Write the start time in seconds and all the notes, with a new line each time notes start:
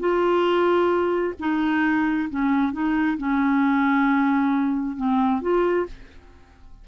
0.00 F4
1.40 D#4
2.30 C#4
2.73 D#4
3.18 C#4
4.97 C4
5.42 F4